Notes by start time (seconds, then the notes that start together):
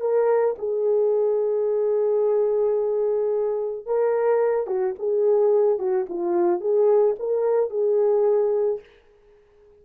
0.00 A#4
0.58 G#4
3.86 A#4
4.67 F#4
4.99 G#4
5.78 F#4
6.09 F4
6.60 G#4
7.19 A#4
7.70 G#4